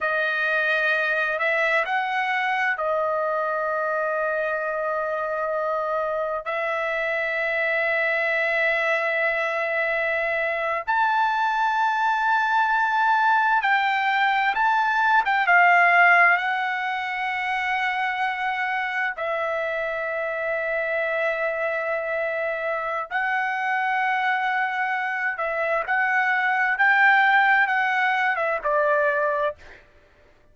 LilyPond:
\new Staff \with { instrumentName = "trumpet" } { \time 4/4 \tempo 4 = 65 dis''4. e''8 fis''4 dis''4~ | dis''2. e''4~ | e''2.~ e''8. a''16~ | a''2~ a''8. g''4 a''16~ |
a''8 g''16 f''4 fis''2~ fis''16~ | fis''8. e''2.~ e''16~ | e''4 fis''2~ fis''8 e''8 | fis''4 g''4 fis''8. e''16 d''4 | }